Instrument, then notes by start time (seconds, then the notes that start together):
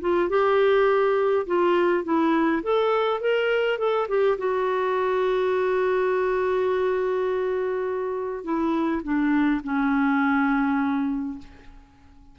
clarinet
0.00 F4
0.29 G4
1.46 F4
2.04 E4
2.62 A4
3.20 A#4
3.78 A4
4.08 G4
4.38 F#4
8.44 E4
9.03 D4
9.63 C#4